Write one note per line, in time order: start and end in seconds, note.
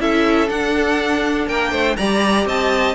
0.00 0.50 C#4
0.00 0.48 E4
0.00 1.49 A4
0.00 0.49 E5
0.48 1.97 D4
0.48 1.47 D4
0.48 1.48 F#5
1.47 1.72 A#3
1.47 1.72 A#4
1.47 1.97 G5
1.72 1.97 A3
1.72 1.97 C5
1.97 2.46 G3
1.97 2.96 G4
1.97 2.48 D5
1.97 2.46 A#5
2.46 2.95 C4
2.46 2.96 D#5
2.46 2.96 A5